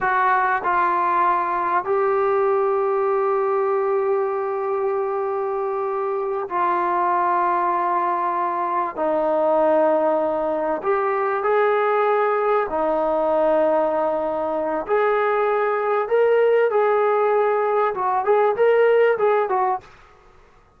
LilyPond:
\new Staff \with { instrumentName = "trombone" } { \time 4/4 \tempo 4 = 97 fis'4 f'2 g'4~ | g'1~ | g'2~ g'8 f'4.~ | f'2~ f'8 dis'4.~ |
dis'4. g'4 gis'4.~ | gis'8 dis'2.~ dis'8 | gis'2 ais'4 gis'4~ | gis'4 fis'8 gis'8 ais'4 gis'8 fis'8 | }